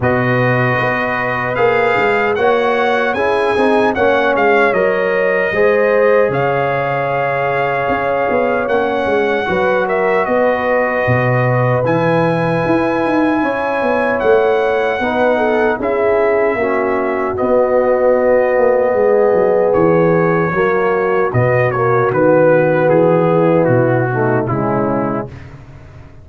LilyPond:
<<
  \new Staff \with { instrumentName = "trumpet" } { \time 4/4 \tempo 4 = 76 dis''2 f''4 fis''4 | gis''4 fis''8 f''8 dis''2 | f''2. fis''4~ | fis''8 e''8 dis''2 gis''4~ |
gis''2 fis''2 | e''2 dis''2~ | dis''4 cis''2 dis''8 cis''8 | b'4 gis'4 fis'4 e'4 | }
  \new Staff \with { instrumentName = "horn" } { \time 4/4 b'2. cis''4 | gis'4 cis''2 c''4 | cis''1 | b'8 ais'8 b'2.~ |
b'4 cis''2 b'8 a'8 | gis'4 fis'2. | gis'2 fis'2~ | fis'4. e'4 dis'8 cis'4 | }
  \new Staff \with { instrumentName = "trombone" } { \time 4/4 fis'2 gis'4 fis'4 | e'8 dis'8 cis'4 ais'4 gis'4~ | gis'2. cis'4 | fis'2. e'4~ |
e'2. dis'4 | e'4 cis'4 b2~ | b2 ais4 b8 ais8 | b2~ b8 a8 gis4 | }
  \new Staff \with { instrumentName = "tuba" } { \time 4/4 b,4 b4 ais8 gis8 ais4 | cis'8 c'8 ais8 gis8 fis4 gis4 | cis2 cis'8 b8 ais8 gis8 | fis4 b4 b,4 e4 |
e'8 dis'8 cis'8 b8 a4 b4 | cis'4 ais4 b4. ais8 | gis8 fis8 e4 fis4 b,4 | dis4 e4 b,4 cis4 | }
>>